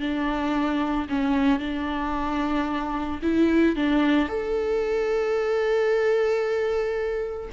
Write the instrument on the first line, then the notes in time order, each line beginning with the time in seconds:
viola
0.00 D4
1.09 C#4
1.59 D4
3.22 E4
3.75 D4
4.29 A4